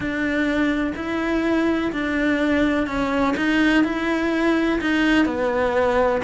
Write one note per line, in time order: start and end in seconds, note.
0.00 0.93 D4
0.95 1.91 E4
1.92 2.86 D4
2.86 3.34 C#4
3.36 3.84 D#4
3.84 4.80 E4
4.80 5.25 D#4
5.25 6.21 B3